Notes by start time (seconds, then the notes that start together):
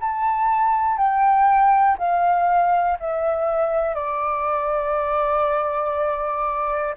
0.00 A5
0.97 G5
1.98 F5
2.99 E5
3.95 D5